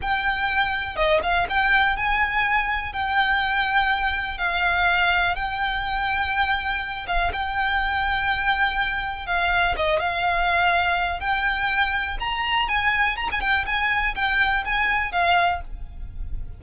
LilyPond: \new Staff \with { instrumentName = "violin" } { \time 4/4 \tempo 4 = 123 g''2 dis''8 f''8 g''4 | gis''2 g''2~ | g''4 f''2 g''4~ | g''2~ g''8 f''8 g''4~ |
g''2. f''4 | dis''8 f''2~ f''8 g''4~ | g''4 ais''4 gis''4 ais''16 gis''16 g''8 | gis''4 g''4 gis''4 f''4 | }